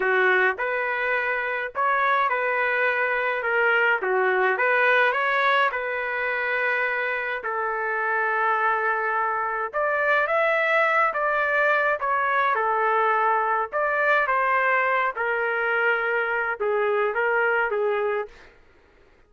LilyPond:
\new Staff \with { instrumentName = "trumpet" } { \time 4/4 \tempo 4 = 105 fis'4 b'2 cis''4 | b'2 ais'4 fis'4 | b'4 cis''4 b'2~ | b'4 a'2.~ |
a'4 d''4 e''4. d''8~ | d''4 cis''4 a'2 | d''4 c''4. ais'4.~ | ais'4 gis'4 ais'4 gis'4 | }